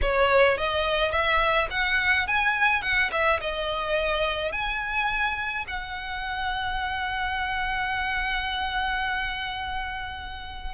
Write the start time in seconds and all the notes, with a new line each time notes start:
0.01 C#5
0.57 D#5
1.11 E5
1.70 F#5
2.27 G#5
2.81 F#5
3.11 E5
3.41 D#5
4.52 G#5
5.67 F#5